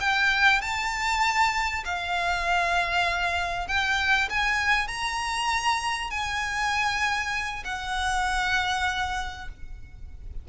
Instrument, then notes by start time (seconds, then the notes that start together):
violin
0.00 G5
0.61 A5
1.85 F5
3.67 G5
4.29 G#5
4.88 A#5
6.11 G#5
7.64 F#5